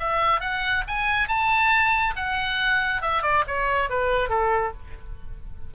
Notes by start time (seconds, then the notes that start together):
0.00 E5
0.41 F#5
0.88 G#5
1.28 A5
2.16 F#5
3.02 E5
3.23 D5
3.47 C#5
3.90 B4
4.29 A4